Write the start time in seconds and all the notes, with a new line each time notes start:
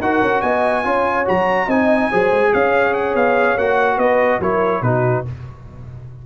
0.00 D#4 F#4 A#4 F#5
0.21 C#4
0.41 B3 D#5 G#5
0.84 C#4 F4 C#5
1.25 F#3 F#4 A#5
1.66 C4 D#4 D#5 G#5
2.10 F#3 G#4 C5
2.32 G#3
2.53 C#4 C#5 F5
2.94 F#5
3.15 B3 F5
3.57 A#3 F#4 F#5
3.97 B3 B4 D#5
4.40 F#3 E4 A#4 C#5
4.82 B2 D#4 F#4 B4